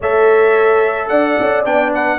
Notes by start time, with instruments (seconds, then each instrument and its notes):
0.00 tuba A3, trombone A4, horn C#5, trumpet E5
1.08 tuba D4, horn D5, trumpet F#5
1.39 tuba C#4
1.65 tuba B3, trombone D4, trumpet G5
1.93 horn B4, trumpet F#5